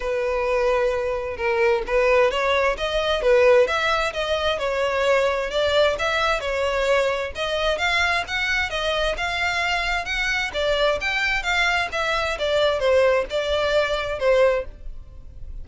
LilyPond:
\new Staff \with { instrumentName = "violin" } { \time 4/4 \tempo 4 = 131 b'2. ais'4 | b'4 cis''4 dis''4 b'4 | e''4 dis''4 cis''2 | d''4 e''4 cis''2 |
dis''4 f''4 fis''4 dis''4 | f''2 fis''4 d''4 | g''4 f''4 e''4 d''4 | c''4 d''2 c''4 | }